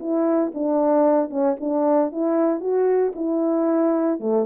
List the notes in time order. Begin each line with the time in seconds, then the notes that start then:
0.00 E4
0.55 D4
1.30 C#4
1.61 D4
2.12 E4
2.61 F#4
3.16 E4
4.20 A3